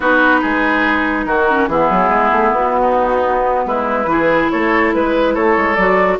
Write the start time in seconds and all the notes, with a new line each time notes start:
0.00 B3 D#4 F#4 B4
0.41 G#3 G#4
1.25 D#3 F#4 A#4
1.48 C#4
1.67 E3 B3 E4 G#4
1.90 F#3
2.09 G#3
2.31 A3
2.51 B3 F#4
2.81 D#4
3.65 G#3 E4 B4
4.05 E3 E4 G#4
4.50 A3 A4 C#5
4.93 G#3 B4
5.34 A3 A4 C#5
5.56 G#3
5.75 F#3 F#4 D5